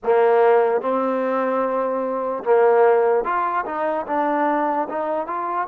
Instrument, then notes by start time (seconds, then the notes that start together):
trombone
0.03 A#3
0.81 C4
2.44 A#3
3.24 F4
3.65 D#4
4.07 D4
4.89 D#4
5.27 F4